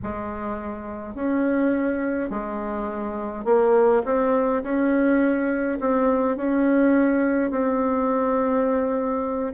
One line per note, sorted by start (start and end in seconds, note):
0.02 1.14 G#3
1.14 2.30 C#4
2.30 3.45 G#3
3.45 4.02 A#3
4.05 4.63 C4
4.63 5.78 C#4
5.80 6.36 C4
6.36 7.51 C#4
7.51 9.52 C4